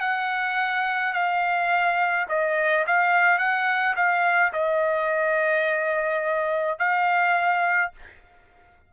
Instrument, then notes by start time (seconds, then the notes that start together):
trumpet
0.00 F#5
1.13 F5
2.28 D#5
2.87 F5
3.38 F#5
3.96 F5
4.53 D#5
6.79 F5